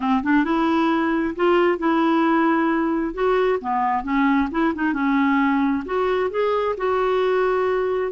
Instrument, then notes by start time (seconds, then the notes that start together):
clarinet
0.00 C4
0.23 D4
0.44 E4
1.35 F4
1.78 E4
3.14 F#4
3.60 B3
4.03 C#4
4.51 E4
4.74 D#4
4.93 C#4
5.85 F#4
6.30 G#4
6.77 F#4